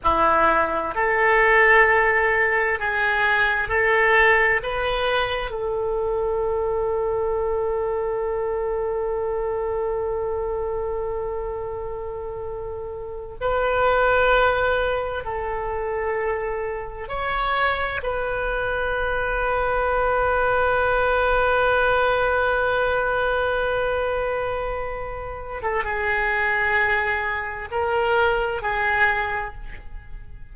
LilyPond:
\new Staff \with { instrumentName = "oboe" } { \time 4/4 \tempo 4 = 65 e'4 a'2 gis'4 | a'4 b'4 a'2~ | a'1~ | a'2~ a'8 b'4.~ |
b'8 a'2 cis''4 b'8~ | b'1~ | b'2.~ b'8. a'16 | gis'2 ais'4 gis'4 | }